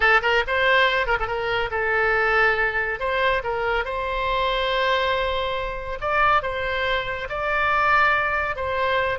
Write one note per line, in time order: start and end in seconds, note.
0.00 0.21 A4
0.22 0.43 A#4
0.47 1.06 C5
1.06 1.17 A#4
1.19 1.27 A4
1.27 1.69 A#4
1.70 2.99 A4
2.99 3.42 C5
3.43 3.84 A#4
3.84 5.99 C5
6.00 6.42 D5
6.42 7.28 C5
7.29 8.56 D5
8.56 9.18 C5